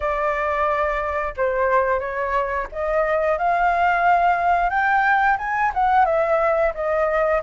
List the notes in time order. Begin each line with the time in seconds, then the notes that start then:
0.00 D5
1.36 C5
1.99 C#5
2.72 D#5
3.38 F5
4.69 G5
5.38 G#5
5.73 F#5
6.05 E5
6.74 D#5